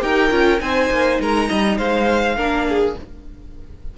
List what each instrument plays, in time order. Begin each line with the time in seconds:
0.00 cello D#4, viola G4, violin A#4 G5
0.31 cello C#4, viola F4
0.59 cello C4, viola D#4, violin C5 G#5
0.90 cello A#3
1.20 cello G#3, violin A#4 A#5
1.49 cello G3, violin D#5
1.77 cello G#3, violin C5 F5
2.36 cello A#3, viola D4, violin A#4
2.68 violin G#4